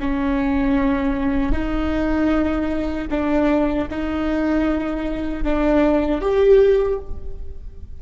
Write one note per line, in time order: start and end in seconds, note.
0.00 1.52 C#4
1.52 3.08 D#4
3.10 3.88 D4
3.90 5.43 D#4
5.43 6.21 D4
6.21 6.99 G4